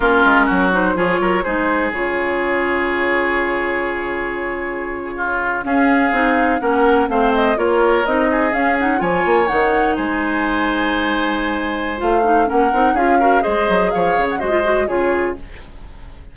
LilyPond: <<
  \new Staff \with { instrumentName = "flute" } { \time 4/4 \tempo 4 = 125 ais'4. c''8 cis''4 c''4 | cis''1~ | cis''2.~ cis''8. f''16~ | f''4.~ f''16 fis''4 f''8 dis''8 cis''16~ |
cis''8. dis''4 f''8 fis''8 gis''4 fis''16~ | fis''8. gis''2.~ gis''16~ | gis''4 f''4 fis''4 f''4 | dis''4 f''8. fis''16 dis''4 cis''4 | }
  \new Staff \with { instrumentName = "oboe" } { \time 4/4 f'4 fis'4 gis'8 ais'8 gis'4~ | gis'1~ | gis'2~ gis'8. f'4 gis'16~ | gis'4.~ gis'16 ais'4 c''4 ais'16~ |
ais'4~ ais'16 gis'4. cis''4~ cis''16~ | cis''8. c''2.~ c''16~ | c''2 ais'4 gis'8 ais'8 | c''4 cis''4 c''4 gis'4 | }
  \new Staff \with { instrumentName = "clarinet" } { \time 4/4 cis'4. dis'8 f'4 dis'4 | f'1~ | f'2.~ f'8. cis'16~ | cis'8. dis'4 cis'4 c'4 f'16~ |
f'8. dis'4 cis'8 dis'8 f'4 dis'16~ | dis'1~ | dis'4 f'8 dis'8 cis'8 dis'8 f'8 fis'8 | gis'2 fis'16 f'16 fis'8 f'4 | }
  \new Staff \with { instrumentName = "bassoon" } { \time 4/4 ais8 gis8 fis4 f8 fis8 gis4 | cis1~ | cis2.~ cis8. cis'16~ | cis'8. c'4 ais4 a4 ais16~ |
ais8. c'4 cis'4 f8 ais8 dis16~ | dis8. gis2.~ gis16~ | gis4 a4 ais8 c'8 cis'4 | gis8 fis8 f8 cis8 gis4 cis4 | }
>>